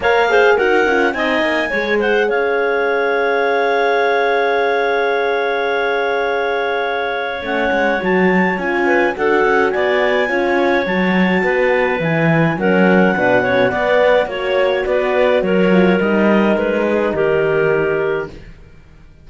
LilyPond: <<
  \new Staff \with { instrumentName = "clarinet" } { \time 4/4 \tempo 4 = 105 f''4 fis''4 gis''4. fis''8 | f''1~ | f''1~ | f''4 fis''4 a''4 gis''4 |
fis''4 gis''2 a''4~ | a''4 gis''4 fis''2~ | fis''4 cis''4 d''4 cis''4 | dis''4 b'4 ais'2 | }
  \new Staff \with { instrumentName = "clarinet" } { \time 4/4 cis''8 c''8 ais'4 dis''4 cis''8 c''8 | cis''1~ | cis''1~ | cis''2.~ cis''8 b'8 |
a'4 d''4 cis''2 | b'2 ais'4 b'8 cis''8 | d''4 cis''4 b'4 ais'4~ | ais'4. gis'8 g'2 | }
  \new Staff \with { instrumentName = "horn" } { \time 4/4 ais'8 gis'8 fis'8 f'8 dis'4 gis'4~ | gis'1~ | gis'1~ | gis'4 cis'4 fis'4 f'4 |
fis'2 f'4 fis'4~ | fis'4 e'4 cis'4 d'8 cis'8 | b4 fis'2~ fis'8 f'8 | dis'1 | }
  \new Staff \with { instrumentName = "cello" } { \time 4/4 ais4 dis'8 cis'8 c'8 ais8 gis4 | cis'1~ | cis'1~ | cis'4 a8 gis8 fis4 cis'4 |
d'8 cis'8 b4 cis'4 fis4 | b4 e4 fis4 b,4 | b4 ais4 b4 fis4 | g4 gis4 dis2 | }
>>